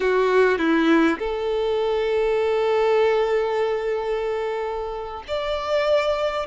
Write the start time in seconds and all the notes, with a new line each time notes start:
0.00 F#4
0.58 E4
1.18 A4
5.27 D5